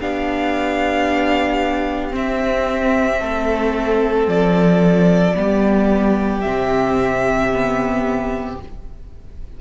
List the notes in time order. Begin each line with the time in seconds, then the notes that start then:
0.00 B3 D4 G4 F5
2.11 C4 E5
3.20 A3 A4
4.28 F3 D5
5.35 G3 B3 G4
6.41 C3 C4 E5
7.52 B3